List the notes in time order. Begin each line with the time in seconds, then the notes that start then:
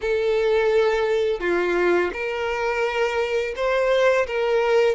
0.01 A4
1.40 F4
2.13 A#4
3.56 C5
4.26 A#4